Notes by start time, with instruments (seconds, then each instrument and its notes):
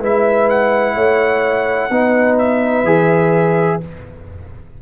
0.00 tuba G#3, trombone E4, horn B4, trumpet E5
0.50 trumpet F#5
0.95 tuba A3, horn C#5
1.90 tuba B3, trombone D#4, horn B4
2.39 trumpet E5
2.84 tuba E3, trombone G#4